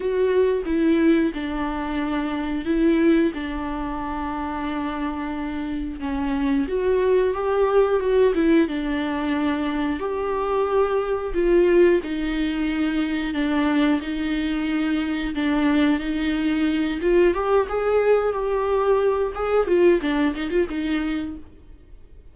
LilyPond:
\new Staff \with { instrumentName = "viola" } { \time 4/4 \tempo 4 = 90 fis'4 e'4 d'2 | e'4 d'2.~ | d'4 cis'4 fis'4 g'4 | fis'8 e'8 d'2 g'4~ |
g'4 f'4 dis'2 | d'4 dis'2 d'4 | dis'4. f'8 g'8 gis'4 g'8~ | g'4 gis'8 f'8 d'8 dis'16 f'16 dis'4 | }